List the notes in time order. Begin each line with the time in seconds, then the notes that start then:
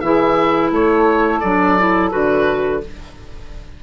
0.00 E3 E4 G#4 E5
0.71 A3 A4 C#5
1.40 F#3 D4 D5
1.79 E4
2.11 D3 F#4 B4